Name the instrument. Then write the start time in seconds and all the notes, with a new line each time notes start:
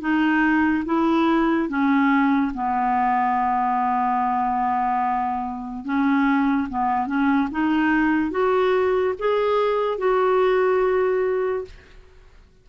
clarinet
0.00 D#4
0.85 E4
1.68 C#4
2.53 B3
5.84 C#4
6.69 B3
7.06 C#4
7.51 D#4
8.30 F#4
9.19 G#4
9.98 F#4